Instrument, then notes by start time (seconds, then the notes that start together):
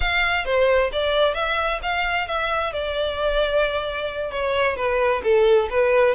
violin
0.00 F5
0.45 C5
0.92 D5
1.34 E5
1.82 F5
2.27 E5
2.72 D5
4.31 C#5
4.76 B4
5.23 A4
5.70 B4